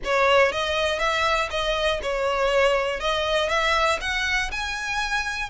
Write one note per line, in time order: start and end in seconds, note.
0.04 0.52 C#5
0.52 0.99 D#5
0.99 1.49 E5
1.50 2.00 D#5
2.02 3.00 C#5
3.00 3.49 D#5
3.49 3.99 E5
4.00 4.50 F#5
4.51 5.49 G#5